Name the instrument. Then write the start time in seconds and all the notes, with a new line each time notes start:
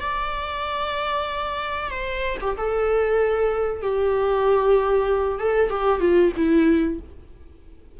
viola
0.00 D5
1.89 C5
2.40 G4
2.57 A4
3.82 G4
5.39 A4
5.69 G4
6.00 F4
6.36 E4